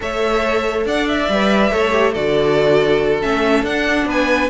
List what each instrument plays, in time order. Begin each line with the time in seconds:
0.00 cello A3, viola A4, violin C#5 E5
0.85 cello D4, violin D5 F#5
1.08 violin E5
1.28 cello G3, viola B4
1.72 cello A3, viola A4, violin C#5
1.91 viola G4
2.12 cello D3, viola F#4, violin A4 D5
3.21 cello A3, viola C#4, violin E5
3.62 cello D4, viola D4, violin F#5
4.05 cello B3, violin B4 G#5